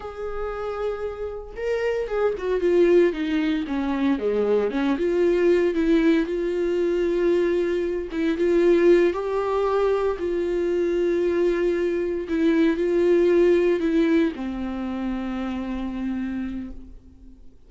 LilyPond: \new Staff \with { instrumentName = "viola" } { \time 4/4 \tempo 4 = 115 gis'2. ais'4 | gis'8 fis'8 f'4 dis'4 cis'4 | gis4 cis'8 f'4. e'4 | f'2.~ f'8 e'8 |
f'4. g'2 f'8~ | f'2.~ f'8 e'8~ | e'8 f'2 e'4 c'8~ | c'1 | }